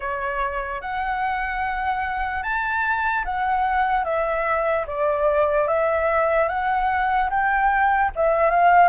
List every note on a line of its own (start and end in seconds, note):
0.00 0.81 C#5
0.81 2.43 F#5
2.43 3.24 A5
3.24 4.04 F#5
4.04 4.85 E5
4.86 5.68 D5
5.68 6.48 E5
6.48 7.29 F#5
7.30 8.11 G5
8.15 8.50 E5
8.50 8.88 F5